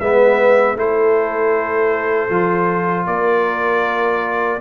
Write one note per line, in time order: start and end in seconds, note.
0.00 0.75 G#3
0.00 0.76 B3
0.00 0.77 B4
0.00 0.77 E5
0.75 2.29 A3
0.75 2.29 E4
0.75 3.09 A4
0.75 3.07 C5
2.29 3.06 F3
2.29 4.60 F4
3.07 4.60 A#3
3.07 4.61 A#4
3.07 4.60 D5